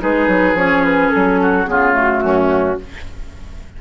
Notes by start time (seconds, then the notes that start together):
0.00 G#3 D#4 G#4 B4
0.27 F#3
0.54 F3 C#4 C#5
0.84 B4
1.10 F#3 A4
1.42 F#4
1.66 C#3 B3 F4 G#4
1.92 A3 F#4
2.22 F#2 C#4